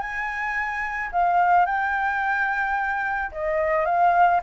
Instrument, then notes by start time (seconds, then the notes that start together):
flute
0.00 G#5
1.12 F5
1.66 G5
3.32 D#5
3.85 F5